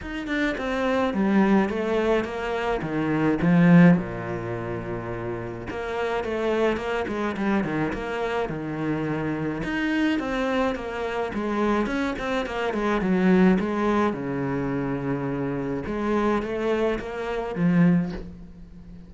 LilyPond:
\new Staff \with { instrumentName = "cello" } { \time 4/4 \tempo 4 = 106 dis'8 d'8 c'4 g4 a4 | ais4 dis4 f4 ais,4~ | ais,2 ais4 a4 | ais8 gis8 g8 dis8 ais4 dis4~ |
dis4 dis'4 c'4 ais4 | gis4 cis'8 c'8 ais8 gis8 fis4 | gis4 cis2. | gis4 a4 ais4 f4 | }